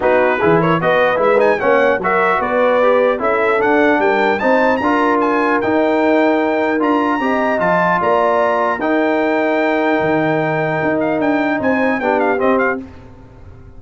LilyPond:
<<
  \new Staff \with { instrumentName = "trumpet" } { \time 4/4 \tempo 4 = 150 b'4. cis''8 dis''4 e''8 gis''8 | fis''4 e''4 d''2 | e''4 fis''4 g''4 a''4 | ais''4 gis''4 g''2~ |
g''4 ais''2 a''4 | ais''2 g''2~ | g''2.~ g''8 f''8 | g''4 gis''4 g''8 f''8 dis''8 f''8 | }
  \new Staff \with { instrumentName = "horn" } { \time 4/4 fis'4 gis'8 ais'8 b'2 | cis''4 ais'4 b'2 | a'2 ais'4 c''4 | ais'1~ |
ais'2 dis''2 | d''2 ais'2~ | ais'1~ | ais'4 c''4 g'2 | }
  \new Staff \with { instrumentName = "trombone" } { \time 4/4 dis'4 e'4 fis'4 e'8 dis'8 | cis'4 fis'2 g'4 | e'4 d'2 dis'4 | f'2 dis'2~ |
dis'4 f'4 g'4 f'4~ | f'2 dis'2~ | dis'1~ | dis'2 d'4 c'4 | }
  \new Staff \with { instrumentName = "tuba" } { \time 4/4 b4 e4 b4 gis4 | ais4 fis4 b2 | cis'4 d'4 g4 c'4 | d'2 dis'2~ |
dis'4 d'4 c'4 f4 | ais2 dis'2~ | dis'4 dis2 dis'4 | d'4 c'4 b4 c'4 | }
>>